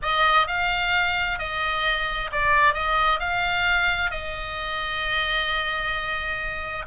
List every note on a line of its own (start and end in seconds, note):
0.02 0.47 D#5
0.47 1.38 F5
1.38 2.30 D#5
2.32 2.74 D5
2.74 3.19 D#5
3.19 4.10 F5
4.10 6.85 D#5